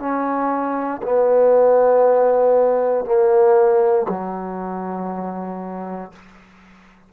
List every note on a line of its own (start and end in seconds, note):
0.00 1.02 C#4
1.03 3.06 B3
3.06 4.07 A#3
4.09 6.12 F#3